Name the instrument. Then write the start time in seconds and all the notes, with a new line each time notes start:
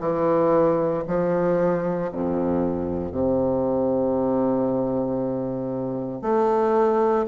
bassoon
0.00 E3
1.08 F3
2.12 F2
3.12 C3
6.22 A3